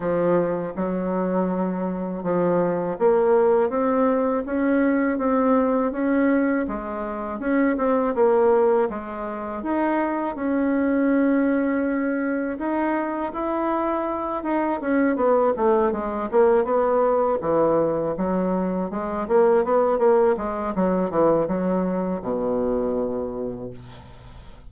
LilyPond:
\new Staff \with { instrumentName = "bassoon" } { \time 4/4 \tempo 4 = 81 f4 fis2 f4 | ais4 c'4 cis'4 c'4 | cis'4 gis4 cis'8 c'8 ais4 | gis4 dis'4 cis'2~ |
cis'4 dis'4 e'4. dis'8 | cis'8 b8 a8 gis8 ais8 b4 e8~ | e8 fis4 gis8 ais8 b8 ais8 gis8 | fis8 e8 fis4 b,2 | }